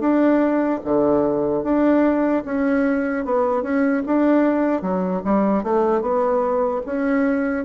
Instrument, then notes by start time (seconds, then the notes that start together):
bassoon
0.00 D4
0.85 D3
1.64 D4
2.45 C#4
3.25 B3
3.63 C#4
4.07 D4
4.82 F#3
5.25 G3
5.64 A3
6.01 B3
6.86 C#4